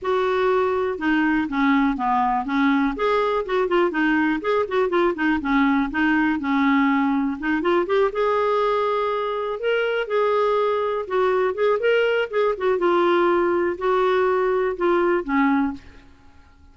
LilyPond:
\new Staff \with { instrumentName = "clarinet" } { \time 4/4 \tempo 4 = 122 fis'2 dis'4 cis'4 | b4 cis'4 gis'4 fis'8 f'8 | dis'4 gis'8 fis'8 f'8 dis'8 cis'4 | dis'4 cis'2 dis'8 f'8 |
g'8 gis'2. ais'8~ | ais'8 gis'2 fis'4 gis'8 | ais'4 gis'8 fis'8 f'2 | fis'2 f'4 cis'4 | }